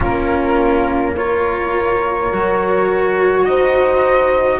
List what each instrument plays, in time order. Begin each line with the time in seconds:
0.00 double bass A#3, cello C#4, horn F4, flute A#4
1.16 cello F4, horn A#4, flute C#5
2.31 double bass F#3, cello F#4
3.45 double bass D#4, horn C5, flute D#5